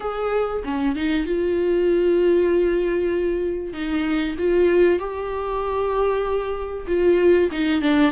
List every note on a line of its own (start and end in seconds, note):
0.00 0.62 G#4
0.64 0.95 C#4
0.95 1.26 D#4
1.26 3.73 F4
3.73 4.35 D#4
4.38 4.99 F4
4.99 6.86 G4
6.87 7.49 F4
7.51 7.81 D#4
7.81 8.11 D4